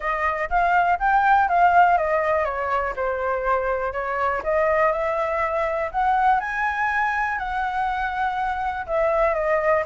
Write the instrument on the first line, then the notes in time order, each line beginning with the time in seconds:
flute
0.00 D#5
0.49 F5
0.99 G5
1.48 F5
1.97 D#5
2.45 C#5
2.96 C5
3.92 C#5
4.43 D#5
4.92 E5
5.91 F#5
6.39 G#5
7.38 F#5
8.86 E5
9.34 D#5